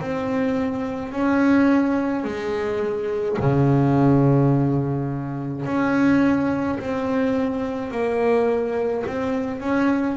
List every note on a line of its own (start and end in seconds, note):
0.00 1.12 C4
1.12 2.24 C#4
2.24 3.37 G#3
3.39 5.65 C#3
5.65 6.78 C#4
6.79 7.91 C4
7.91 9.04 A#3
9.07 9.60 C4
9.60 10.16 C#4